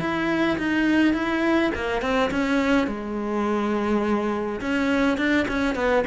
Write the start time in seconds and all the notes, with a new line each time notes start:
0.00 E4
0.58 D#4
1.13 E4
1.75 A#3
2.01 C4
2.31 C#4
2.87 G#3
4.60 C#4
5.17 D4
5.48 C#4
5.75 B3